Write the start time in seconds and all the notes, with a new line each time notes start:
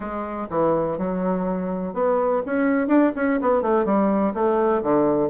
0.00 G#3
0.49 E3
0.97 F#3
1.93 B3
2.46 C#4
2.87 D4
3.15 C#4
3.41 B3
3.62 A3
3.85 G3
4.34 A3
4.83 D3